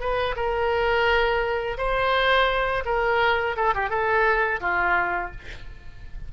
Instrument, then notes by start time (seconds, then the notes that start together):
oboe
0.00 B4
0.36 A#4
1.78 C5
2.86 A#4
3.56 A4
3.74 G4
3.90 A4
4.61 F4